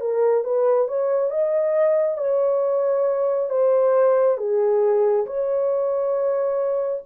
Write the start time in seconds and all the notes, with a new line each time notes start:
0.00 A#4
0.44 B4
0.88 C#5
1.30 D#5
2.17 C#5
3.49 C5
4.38 G#4
5.26 C#5